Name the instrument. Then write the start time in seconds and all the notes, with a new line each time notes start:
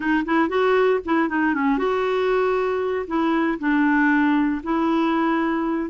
clarinet
0.00 D#4
0.25 E4
0.48 F#4
1.05 E4
1.28 D#4
1.54 C#4
1.77 F#4
3.07 E4
3.59 D4
4.63 E4